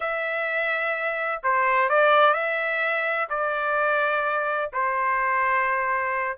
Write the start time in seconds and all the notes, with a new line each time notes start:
0.00 E5
1.43 C5
1.89 D5
2.33 E5
3.29 D5
4.72 C5